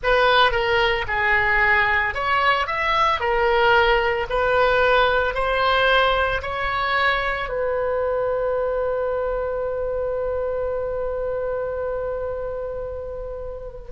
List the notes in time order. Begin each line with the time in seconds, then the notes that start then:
0.03 B4
0.51 A#4
1.07 G#4
2.14 C#5
2.66 E5
3.19 A#4
4.29 B4
5.34 C5
6.41 C#5
7.48 B4